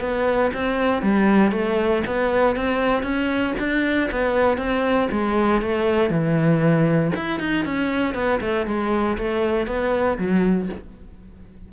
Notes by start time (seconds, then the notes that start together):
0.00 B3
0.53 C4
1.02 G3
1.51 A3
2.06 B3
2.56 C4
3.03 C#4
3.59 D4
4.11 B3
4.57 C4
5.11 G#3
5.61 A3
6.10 E3
7.15 E4
7.39 D#4
7.65 C#4
8.14 B3
8.40 A3
8.66 G#3
9.17 A3
9.66 B3
10.18 F#3